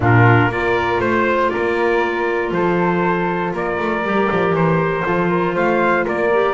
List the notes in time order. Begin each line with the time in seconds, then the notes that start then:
0.00 A#2 D4 F4 A#4
0.47 A#3 F4 A#4 D5
0.98 A3 C5
1.50 A#4 D5
1.56 A#3
2.51 F3 A4 C5
3.53 A#3 A#4 D5
3.79 A3
4.03 G3 G4
4.31 F3
4.52 E3 C5
5.04 F3 F4 A4
5.28 A#4
5.54 A3 C5 F5
6.04 A#3 A#4 D5
6.32 G4